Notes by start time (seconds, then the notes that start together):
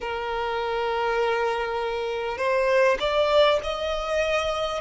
0.00 A#4
2.37 C5
2.99 D5
3.63 D#5